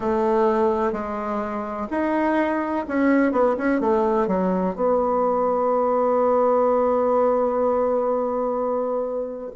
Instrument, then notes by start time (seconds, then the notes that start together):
bassoon
0.00 A3
0.92 G#3
1.90 D#4
2.87 C#4
3.32 B3
3.57 C#4
3.80 A3
4.27 F#3
4.74 B3